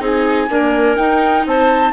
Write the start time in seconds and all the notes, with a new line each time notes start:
0.00 C4 D#4 G#4 G#5
0.49 A#3 D4 A#4
0.96 D#4 G5
1.46 C4 C5 A5